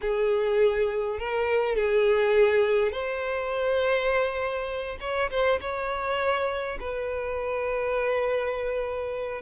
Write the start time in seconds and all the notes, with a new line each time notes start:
0.01 G#4
1.19 A#4
1.75 G#4
2.91 C5
5.00 C#5
5.30 C5
5.60 C#5
6.79 B4